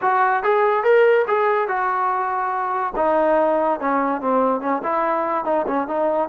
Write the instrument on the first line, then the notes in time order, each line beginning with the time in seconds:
trombone
0.01 F#4
0.43 G#4
0.83 A#4
1.27 G#4
1.67 F#4
2.96 D#4
3.80 C#4
4.21 C4
4.60 C#4
4.83 E4
5.45 D#4
5.67 C#4
5.87 D#4